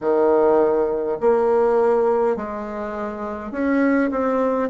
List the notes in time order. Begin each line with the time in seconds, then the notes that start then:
0.00 D#3
1.20 A#3
2.36 G#3
3.51 C#4
4.11 C4